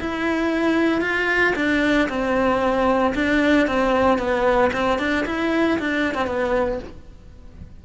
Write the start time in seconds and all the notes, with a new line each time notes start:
0.00 E4
1.01 F4
1.56 D4
2.09 C4
3.15 D4
3.67 C4
4.18 B3
4.73 C4
4.99 D4
5.26 E4
5.79 D4
6.15 C4
6.27 B3